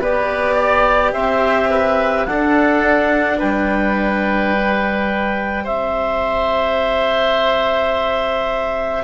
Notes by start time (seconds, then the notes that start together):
0.00 B3 G4 B4 D5
0.55 D5
1.13 C4 C5 E5
1.70 B4
2.25 D4 A4 F#5
3.38 G3 B4 G5
4.53 G4
5.64 C4 C5 E5